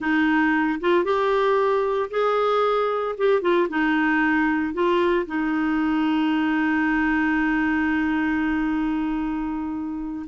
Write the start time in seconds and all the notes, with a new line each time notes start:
0.00 D#4
0.80 F4
1.04 G4
2.10 G#4
3.17 G4
3.41 F4
3.69 D#4
4.73 F4
5.26 D#4